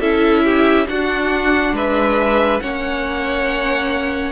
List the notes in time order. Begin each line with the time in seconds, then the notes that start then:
0.00 C#4 E4 A4 E5
0.44 G4
0.87 D4 F#4 F#5
1.72 G#3 B4 E5
2.60 A#3 C#4 C#5 F#5